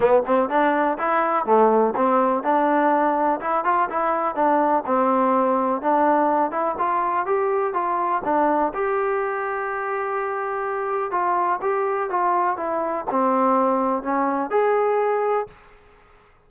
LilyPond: \new Staff \with { instrumentName = "trombone" } { \time 4/4 \tempo 4 = 124 b8 c'8 d'4 e'4 a4 | c'4 d'2 e'8 f'8 | e'4 d'4 c'2 | d'4. e'8 f'4 g'4 |
f'4 d'4 g'2~ | g'2. f'4 | g'4 f'4 e'4 c'4~ | c'4 cis'4 gis'2 | }